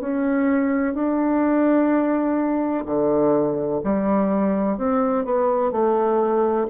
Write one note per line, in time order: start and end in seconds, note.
0.00 0.94 C#4
0.94 2.84 D4
2.86 3.81 D3
3.84 4.77 G3
4.77 5.25 C4
5.25 5.71 B3
5.71 6.67 A3